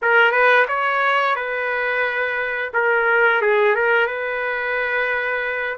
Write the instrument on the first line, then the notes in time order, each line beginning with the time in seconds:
trumpet
0.02 A#4
0.31 B4
0.68 C#5
1.35 B4
2.73 A#4
3.41 G#4
3.75 A#4
4.07 B4